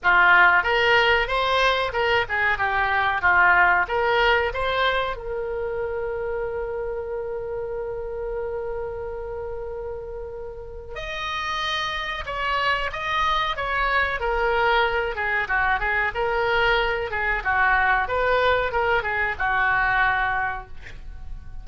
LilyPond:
\new Staff \with { instrumentName = "oboe" } { \time 4/4 \tempo 4 = 93 f'4 ais'4 c''4 ais'8 gis'8 | g'4 f'4 ais'4 c''4 | ais'1~ | ais'1~ |
ais'4 dis''2 cis''4 | dis''4 cis''4 ais'4. gis'8 | fis'8 gis'8 ais'4. gis'8 fis'4 | b'4 ais'8 gis'8 fis'2 | }